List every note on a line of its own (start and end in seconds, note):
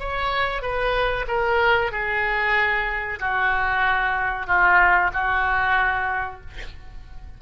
0.00 0.62 C#5
0.62 1.26 B4
1.28 1.92 A#4
1.92 3.19 G#4
3.20 4.47 F#4
4.47 5.11 F4
5.13 6.41 F#4